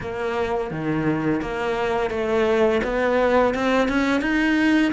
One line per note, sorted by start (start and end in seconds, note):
0.00 0.71 A#3
0.71 1.41 D#3
1.41 2.10 A#3
2.10 2.81 A3
2.83 3.54 B3
3.54 3.88 C4
3.88 4.21 C#4
4.21 4.92 D#4